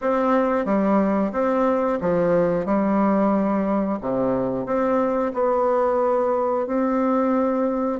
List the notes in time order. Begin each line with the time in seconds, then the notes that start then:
0.01 C4
0.65 G3
1.32 C4
2.00 F3
2.65 G3
4.00 C3
4.65 C4
5.33 B3
6.66 C4